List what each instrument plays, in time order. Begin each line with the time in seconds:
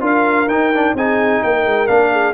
0.00 tuba D4, trombone F4, horn A#4, trumpet F5
0.47 tuba D#4, trombone D#4, trumpet G5
0.73 trombone D4
0.94 tuba C4, trombone D#4, horn G#4, trumpet G#5
1.43 tuba A#3, horn A#4, trumpet G5
1.65 tuba G#3
1.87 tuba A#3, trombone D4, trumpet F5
2.11 horn G#4